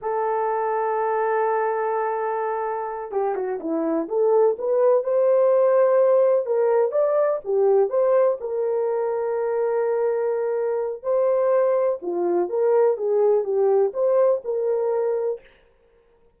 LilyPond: \new Staff \with { instrumentName = "horn" } { \time 4/4 \tempo 4 = 125 a'1~ | a'2~ a'8 g'8 fis'8 e'8~ | e'8 a'4 b'4 c''4.~ | c''4. ais'4 d''4 g'8~ |
g'8 c''4 ais'2~ ais'8~ | ais'2. c''4~ | c''4 f'4 ais'4 gis'4 | g'4 c''4 ais'2 | }